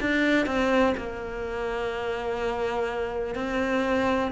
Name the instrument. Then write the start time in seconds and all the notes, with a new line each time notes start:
cello
0.00 D4
0.46 C4
0.97 A#3
3.35 C4